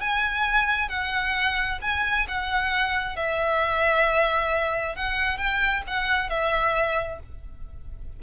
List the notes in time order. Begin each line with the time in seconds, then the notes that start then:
0.00 G#5
0.89 F#5
1.81 G#5
2.28 F#5
3.16 E5
4.95 F#5
5.37 G5
5.87 F#5
6.29 E5